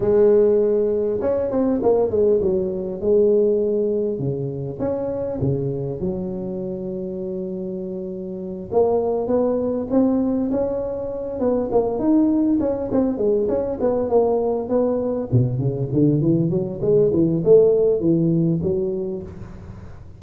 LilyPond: \new Staff \with { instrumentName = "tuba" } { \time 4/4 \tempo 4 = 100 gis2 cis'8 c'8 ais8 gis8 | fis4 gis2 cis4 | cis'4 cis4 fis2~ | fis2~ fis8 ais4 b8~ |
b8 c'4 cis'4. b8 ais8 | dis'4 cis'8 c'8 gis8 cis'8 b8 ais8~ | ais8 b4 b,8 cis8 d8 e8 fis8 | gis8 e8 a4 e4 fis4 | }